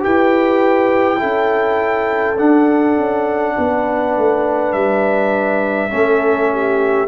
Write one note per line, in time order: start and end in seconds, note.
0.00 1.22 E4
0.00 1.18 G4
0.00 1.20 B4
0.00 2.39 G5
1.19 2.39 C#4
1.19 2.37 E4
1.19 3.55 A4
2.38 5.90 D4
2.38 2.97 D4
2.38 4.73 F#5
2.97 3.56 C#4
3.58 4.17 B3
3.58 5.93 B4
4.17 4.74 A3
4.73 5.91 G3
4.73 7.08 E5
5.90 7.08 A3
5.90 7.08 C#4
5.90 6.51 A4
6.52 7.08 G4